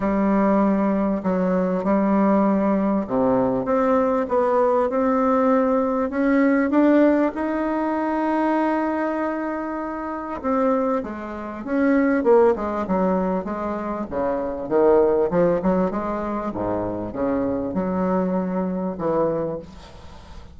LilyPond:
\new Staff \with { instrumentName = "bassoon" } { \time 4/4 \tempo 4 = 98 g2 fis4 g4~ | g4 c4 c'4 b4 | c'2 cis'4 d'4 | dis'1~ |
dis'4 c'4 gis4 cis'4 | ais8 gis8 fis4 gis4 cis4 | dis4 f8 fis8 gis4 gis,4 | cis4 fis2 e4 | }